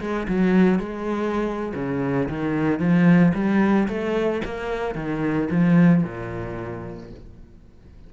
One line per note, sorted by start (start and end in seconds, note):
0.00 0.27 G#3
0.28 0.79 F#3
0.79 1.73 G#3
1.75 2.28 C#3
2.29 2.79 D#3
2.79 3.33 F3
3.34 3.88 G3
3.88 4.41 A3
4.44 4.95 A#3
4.95 5.49 D#3
5.51 6.03 F3
6.03 7.11 A#2